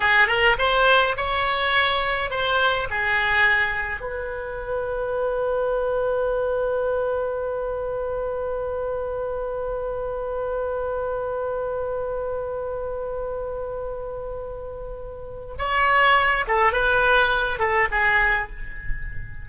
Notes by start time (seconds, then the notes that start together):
0.00 G#4
0.27 A#4
0.58 C5
1.16 C#5
2.30 C5
2.90 G#4
4.00 B4
15.58 C#5
16.47 A4
16.72 B4
17.59 A4
17.91 G#4